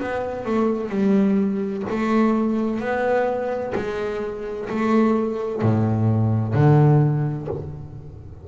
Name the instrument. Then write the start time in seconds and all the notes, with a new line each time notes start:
double bass
0.00 B3
0.46 A3
0.89 G3
1.90 A3
2.80 B3
3.75 G#3
4.70 A3
5.62 A2
6.54 D3